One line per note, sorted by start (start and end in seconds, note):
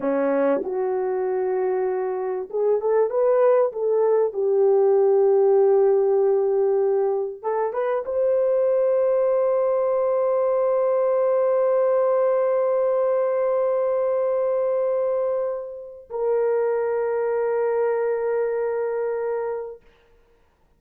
0.00 0.62 C#4
0.63 2.49 F#4
2.50 2.80 G#4
2.80 3.10 A4
3.10 3.71 B4
3.72 4.33 A4
4.33 7.42 G4
7.42 7.73 A4
7.73 8.04 B4
8.05 16.09 C5
16.10 19.81 A#4